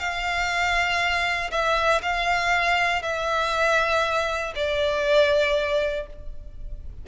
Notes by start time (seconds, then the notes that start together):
0.00 F5
1.51 E5
2.03 F5
3.03 E5
4.56 D5